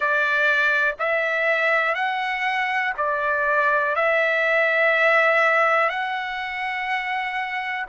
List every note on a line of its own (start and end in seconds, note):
0.00 0.95 D5
0.99 1.94 E5
1.94 2.93 F#5
2.97 3.95 D5
3.95 5.89 E5
5.89 7.86 F#5